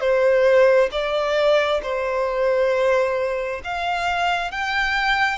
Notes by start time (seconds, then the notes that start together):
0.00 C5
0.91 D5
1.82 C5
3.64 F5
4.51 G5